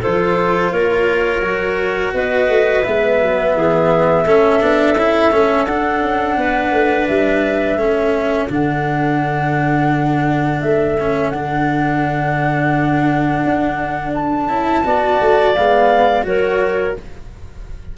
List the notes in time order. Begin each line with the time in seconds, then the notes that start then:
0.00 F4 A4 C5
0.06 F3
0.71 A#3 A#4 C#5
1.41 F#3 F#4
2.14 B3 B4 D#5
2.48 A3
2.84 G#3 B3 E5
3.22 F#3
3.55 E3 G#4
4.25 A3 C#4 A4
4.61 B3 D4
4.94 C#4 E4
5.32 A3 C#4
5.65 D4 F#5
6.01 C#4
6.36 B3 B4
6.72 A3
7.07 G3 E5
7.76 A3 C#4 A4
8.49 D3 D4 F#5
10.61 A3 E5
11.00 C#4
11.30 D3 D4 F#5
13.45 D4
14.14 A5
14.48 C#4 E4
14.84 B3 F#4 D5
15.21 A3
15.54 G#3 B3 F5
16.22 F#3 F#4 A#4 C#5